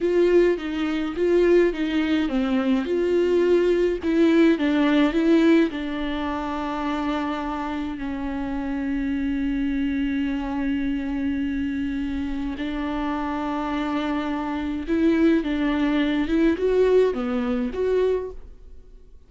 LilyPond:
\new Staff \with { instrumentName = "viola" } { \time 4/4 \tempo 4 = 105 f'4 dis'4 f'4 dis'4 | c'4 f'2 e'4 | d'4 e'4 d'2~ | d'2 cis'2~ |
cis'1~ | cis'2 d'2~ | d'2 e'4 d'4~ | d'8 e'8 fis'4 b4 fis'4 | }